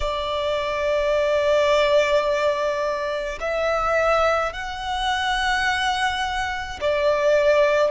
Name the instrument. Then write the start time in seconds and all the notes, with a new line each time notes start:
violin
0.00 D5
3.40 E5
4.53 F#5
6.80 D5